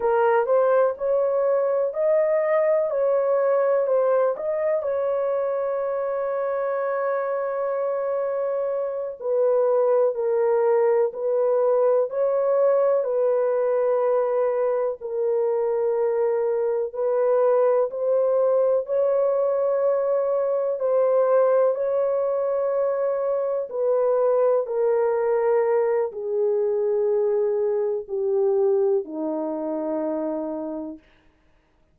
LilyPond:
\new Staff \with { instrumentName = "horn" } { \time 4/4 \tempo 4 = 62 ais'8 c''8 cis''4 dis''4 cis''4 | c''8 dis''8 cis''2.~ | cis''4. b'4 ais'4 b'8~ | b'8 cis''4 b'2 ais'8~ |
ais'4. b'4 c''4 cis''8~ | cis''4. c''4 cis''4.~ | cis''8 b'4 ais'4. gis'4~ | gis'4 g'4 dis'2 | }